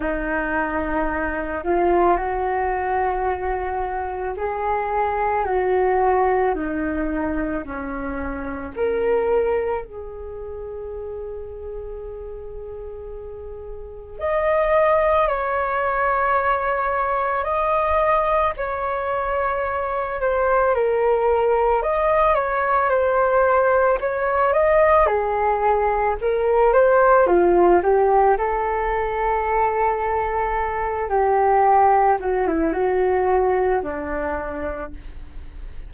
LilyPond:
\new Staff \with { instrumentName = "flute" } { \time 4/4 \tempo 4 = 55 dis'4. f'8 fis'2 | gis'4 fis'4 dis'4 cis'4 | ais'4 gis'2.~ | gis'4 dis''4 cis''2 |
dis''4 cis''4. c''8 ais'4 | dis''8 cis''8 c''4 cis''8 dis''8 gis'4 | ais'8 c''8 f'8 g'8 a'2~ | a'8 g'4 fis'16 e'16 fis'4 d'4 | }